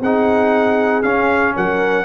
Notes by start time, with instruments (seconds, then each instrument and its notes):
0.00 tuba C4, trombone D#4, horn G#4, trumpet F#5
1.02 trombone C#4, tuba C#4, trumpet F5
1.55 tuba F#3, horn A#4, trumpet F#5